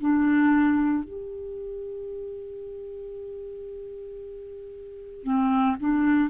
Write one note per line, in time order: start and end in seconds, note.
0.00 1.04 D4
1.04 5.23 G4
5.23 5.76 C4
5.80 6.30 D4